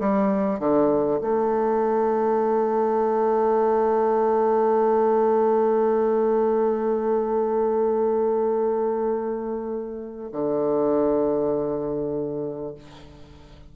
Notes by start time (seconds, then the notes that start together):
0.00 G3
0.60 D3
1.21 A3
10.32 D3